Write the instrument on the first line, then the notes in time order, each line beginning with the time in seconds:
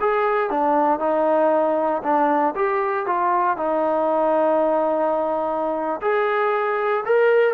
trombone
0.00 G#4
0.50 D4
1.00 D#4
2.03 D4
2.55 G4
3.06 F4
3.57 D#4
6.02 G#4
7.05 A#4